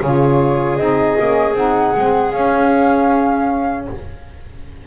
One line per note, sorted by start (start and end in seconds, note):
0.00 0.78 C#3
0.00 0.79 F4
0.00 3.85 G#4
0.00 0.76 C#5
0.76 1.17 C4
0.76 1.17 D#4
0.76 1.53 D#5
1.19 1.53 A#3
1.19 1.56 C#4
1.53 1.92 C4
1.53 1.95 D#4
1.53 2.32 F#5
1.96 2.33 G#3
1.96 2.33 C4
2.32 3.86 C#4
2.32 3.87 C#4
2.32 3.86 F5